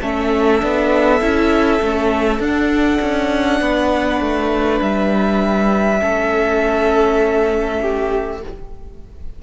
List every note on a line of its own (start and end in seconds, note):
0.00 0.62 A3
0.00 0.60 C#4
0.00 3.60 A4
0.00 2.41 E5
0.60 1.21 B3
0.60 1.20 D4
1.21 1.81 C#4
1.21 1.81 E4
1.81 2.39 A3
1.81 2.42 C#4
2.39 2.98 D4
2.39 5.99 D4
2.39 4.82 F#5
3.01 3.60 C#4
3.60 4.20 B3
3.60 6.00 B4
4.20 4.80 A3
4.80 6.00 G3
4.80 8.42 E5
5.99 8.43 A3
5.99 8.39 C#4
5.99 7.80 A4
7.82 8.42 G4